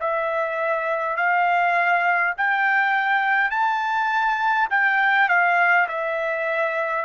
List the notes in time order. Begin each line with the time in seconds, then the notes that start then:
0.00 E5
1.17 F5
2.38 G5
3.51 A5
4.71 G5
5.29 F5
5.88 E5